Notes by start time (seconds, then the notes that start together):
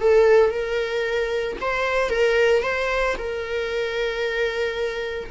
0.00 A4
0.50 A#4
1.60 C5
2.09 A#4
2.62 C5
3.17 A#4